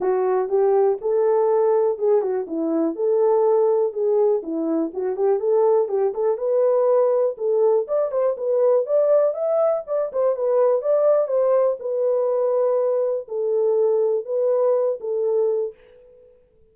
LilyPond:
\new Staff \with { instrumentName = "horn" } { \time 4/4 \tempo 4 = 122 fis'4 g'4 a'2 | gis'8 fis'8 e'4 a'2 | gis'4 e'4 fis'8 g'8 a'4 | g'8 a'8 b'2 a'4 |
d''8 c''8 b'4 d''4 e''4 | d''8 c''8 b'4 d''4 c''4 | b'2. a'4~ | a'4 b'4. a'4. | }